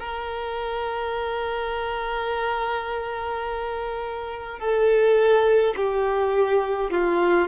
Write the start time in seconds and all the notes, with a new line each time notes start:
0.00 A#4
4.59 A4
5.76 G4
6.91 F4